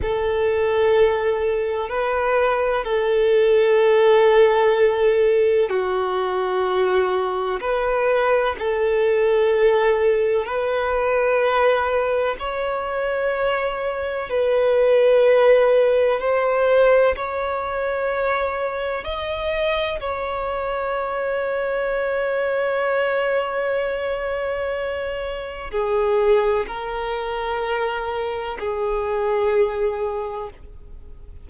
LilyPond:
\new Staff \with { instrumentName = "violin" } { \time 4/4 \tempo 4 = 63 a'2 b'4 a'4~ | a'2 fis'2 | b'4 a'2 b'4~ | b'4 cis''2 b'4~ |
b'4 c''4 cis''2 | dis''4 cis''2.~ | cis''2. gis'4 | ais'2 gis'2 | }